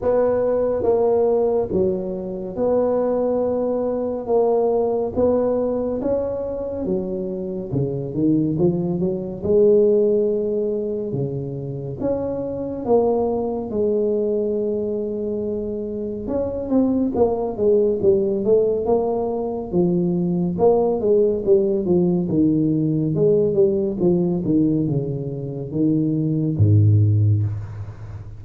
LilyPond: \new Staff \with { instrumentName = "tuba" } { \time 4/4 \tempo 4 = 70 b4 ais4 fis4 b4~ | b4 ais4 b4 cis'4 | fis4 cis8 dis8 f8 fis8 gis4~ | gis4 cis4 cis'4 ais4 |
gis2. cis'8 c'8 | ais8 gis8 g8 a8 ais4 f4 | ais8 gis8 g8 f8 dis4 gis8 g8 | f8 dis8 cis4 dis4 gis,4 | }